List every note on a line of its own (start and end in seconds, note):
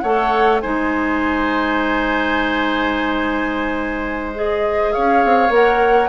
0.00 0.63 A3
0.00 0.63 A4
0.00 0.62 C#5
0.00 0.59 F#5
0.61 4.96 G#3
0.61 4.34 D#4
0.61 4.93 C5
0.61 4.32 G#5
4.35 5.50 G#4
4.35 4.93 D#5
4.93 5.25 C#4
4.93 6.09 C#5
4.93 5.52 F5
5.25 5.50 C4
5.50 6.09 A#3
5.50 6.09 A#4
5.50 6.09 F#5